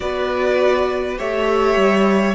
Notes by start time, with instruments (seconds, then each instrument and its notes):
0.00 cello B3, viola F#4, violin B4 D5
1.16 cello A3, viola G4, violin C#5 E5
1.76 cello G3